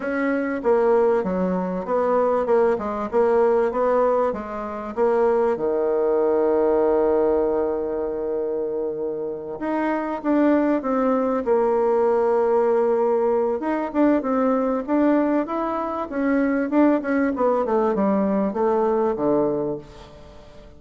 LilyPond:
\new Staff \with { instrumentName = "bassoon" } { \time 4/4 \tempo 4 = 97 cis'4 ais4 fis4 b4 | ais8 gis8 ais4 b4 gis4 | ais4 dis2.~ | dis2.~ dis8 dis'8~ |
dis'8 d'4 c'4 ais4.~ | ais2 dis'8 d'8 c'4 | d'4 e'4 cis'4 d'8 cis'8 | b8 a8 g4 a4 d4 | }